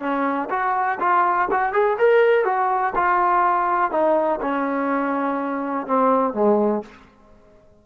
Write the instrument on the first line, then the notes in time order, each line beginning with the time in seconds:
trombone
0.00 C#4
0.50 F#4
1.00 F4
1.51 F#4
1.73 G#4
1.99 A#4
2.45 F#4
2.95 F4
3.91 D#4
4.41 C#4
5.87 C4
6.34 G#3